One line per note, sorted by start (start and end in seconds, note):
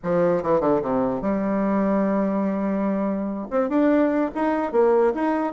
0.03 0.42 F3
0.42 0.60 E3
0.60 0.81 D3
0.82 1.21 C3
1.21 3.47 G3
3.50 3.69 C4
3.69 4.30 D4
4.34 4.72 D#4
4.72 5.13 A#3
5.14 5.53 D#4